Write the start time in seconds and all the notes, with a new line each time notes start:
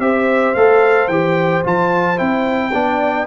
0.00 C4 G4 C5 E5
0.55 A3 A4 F5
1.08 E3 G4 G5
1.64 F3 F4 A5
2.17 C4 E4 G5
2.72 B3 D4 D5